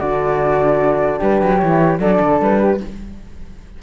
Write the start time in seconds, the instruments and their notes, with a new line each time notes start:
0.00 cello D3, horn D4, flute F#4 D5
1.19 cello G3, flute G4 B4
1.42 cello F#3
1.58 cello E3, horn E4, flute C#5
2.00 cello F#3, horn D4, flute A4 D5
2.21 cello D3
2.41 cello G3, flute B4
2.59 flute G4